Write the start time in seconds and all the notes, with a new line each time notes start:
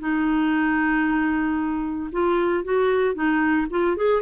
0.00 D#4
2.13 F4
2.65 F#4
3.15 D#4
3.71 F4
3.97 G#4